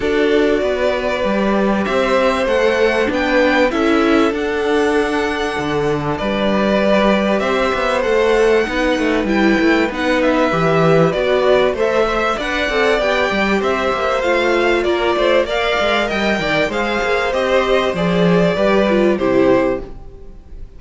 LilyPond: <<
  \new Staff \with { instrumentName = "violin" } { \time 4/4 \tempo 4 = 97 d''2. e''4 | fis''4 g''4 e''4 fis''4~ | fis''2 d''2 | e''4 fis''2 g''4 |
fis''8 e''4. d''4 e''4 | fis''4 g''4 e''4 f''4 | d''4 f''4 g''4 f''4 | dis''4 d''2 c''4 | }
  \new Staff \with { instrumentName = "violin" } { \time 4/4 a'4 b'2 c''4~ | c''4 b'4 a'2~ | a'2 b'2 | c''2 b'2~ |
b'2. c''8 e''8 | d''2 c''2 | ais'8 c''8 d''4 dis''8 d''8 c''4~ | c''2 b'4 g'4 | }
  \new Staff \with { instrumentName = "viola" } { \time 4/4 fis'2 g'2 | a'4 d'4 e'4 d'4~ | d'2. g'4~ | g'4 a'4 dis'4 e'4 |
dis'4 g'4 fis'4 a'8 c''8 | b'8 a'8 g'2 f'4~ | f'4 ais'2 gis'4 | g'4 gis'4 g'8 f'8 e'4 | }
  \new Staff \with { instrumentName = "cello" } { \time 4/4 d'4 b4 g4 c'4 | a4 b4 cis'4 d'4~ | d'4 d4 g2 | c'8 b8 a4 b8 a8 g8 a8 |
b4 e4 b4 a4 | d'8 c'8 b8 g8 c'8 ais8 a4 | ais8 a8 ais8 gis8 g8 dis8 gis8 ais8 | c'4 f4 g4 c4 | }
>>